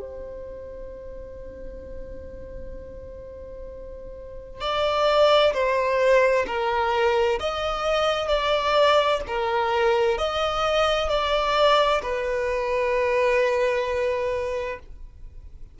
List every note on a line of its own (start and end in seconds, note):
0.00 4.61 C5
4.61 5.53 D5
5.53 6.46 C5
6.47 7.39 A#4
7.40 8.28 D#5
8.28 9.20 D5
9.27 10.18 A#4
10.18 11.09 D#5
11.09 12.01 D5
12.02 14.79 B4